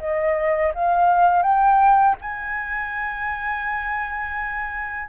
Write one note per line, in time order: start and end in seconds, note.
0.00 0.73 D#5
0.75 1.43 F5
1.43 2.16 G5
2.22 5.10 G#5